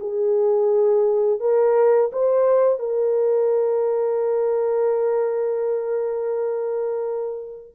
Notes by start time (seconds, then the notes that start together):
0.00 G#4
1.41 A#4
2.13 C5
2.79 A#4